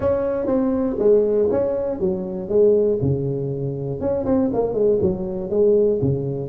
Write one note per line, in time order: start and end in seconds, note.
0.00 0.46 C#4
0.46 0.96 C4
0.98 1.48 G#3
1.50 1.99 C#4
1.99 2.49 F#3
2.49 2.99 G#3
3.01 4.00 C#3
4.00 4.25 C#4
4.25 4.50 C4
4.53 4.73 A#3
4.73 4.98 G#3
5.01 5.50 F#3
5.50 6.00 G#3
6.01 6.49 C#3